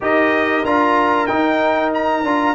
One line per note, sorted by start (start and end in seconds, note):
0.00 0.64 D#4
0.00 0.64 G4
0.00 2.55 A#4
0.00 0.65 D#5
0.64 1.28 D4
0.64 1.28 F4
0.64 1.26 A#5
1.26 2.24 D#4
1.26 2.23 D#4
1.26 1.90 G5
1.93 2.55 A#5
2.23 2.55 D4
2.23 2.55 F4